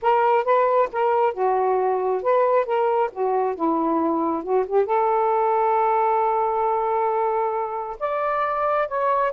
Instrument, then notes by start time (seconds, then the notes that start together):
saxophone
0.02 A#4
0.44 B4
0.92 A#4
1.33 F#4
2.22 B4
2.65 A#4
3.12 F#4
3.55 E4
4.43 F#4
4.66 G4
4.85 A4
7.99 D5
8.87 C#5